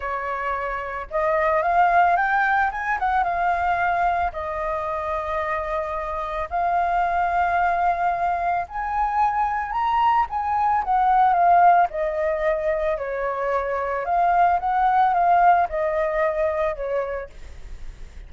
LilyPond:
\new Staff \with { instrumentName = "flute" } { \time 4/4 \tempo 4 = 111 cis''2 dis''4 f''4 | g''4 gis''8 fis''8 f''2 | dis''1 | f''1 |
gis''2 ais''4 gis''4 | fis''4 f''4 dis''2 | cis''2 f''4 fis''4 | f''4 dis''2 cis''4 | }